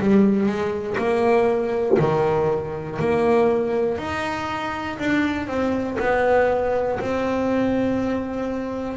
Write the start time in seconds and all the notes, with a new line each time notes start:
0.00 G3
0.46 G#3
0.98 A#3
1.99 D#3
2.99 A#3
3.98 D#4
4.99 D4
5.47 C4
5.99 B3
6.99 C4